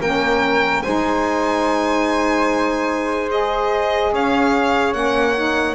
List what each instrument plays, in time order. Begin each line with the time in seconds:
0.00 double bass A#3, saxophone C#4, flute A#4, violin G5
0.82 double bass G#3, saxophone D#4, flute C5, violin G#5
3.30 saxophone G#4, violin D#5
4.12 double bass C#4, flute C#5, violin F5
4.93 double bass A#3, saxophone C#4, violin F#5
5.35 saxophone D#4